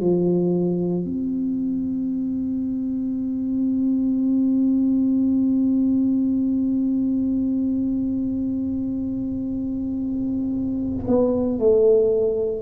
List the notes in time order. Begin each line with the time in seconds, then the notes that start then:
0.00 F3
1.05 C4
11.08 B3
11.59 A3